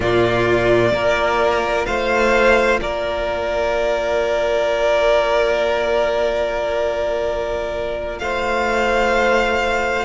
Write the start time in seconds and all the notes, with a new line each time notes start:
0.00 A#2 A#3 F4 D5
0.92 A#3 F4 A#4
1.85 A3 C5 F5
2.81 A#3 A#4 D5
8.19 A3 C5 F5